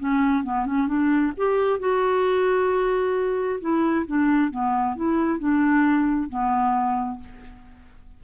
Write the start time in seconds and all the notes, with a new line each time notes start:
0.00 C#4
0.44 B3
0.66 C#4
0.88 D4
1.37 G4
1.80 F#4
3.61 E4
4.07 D4
4.51 B3
4.96 E4
5.40 D4
6.30 B3